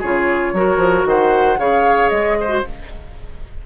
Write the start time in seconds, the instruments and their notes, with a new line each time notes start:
0.00 bassoon C#3, clarinet F4, oboe G#4, flute C#5
0.53 bassoon F#3, clarinet F#4, oboe A#4
0.77 bassoon F3
1.06 bassoon D#3, oboe C5, flute F#5
1.58 bassoon C#3, clarinet G#4, oboe C#5, flute F5
2.09 bassoon G#3, flute D#5
2.41 oboe C5
2.49 clarinet F#4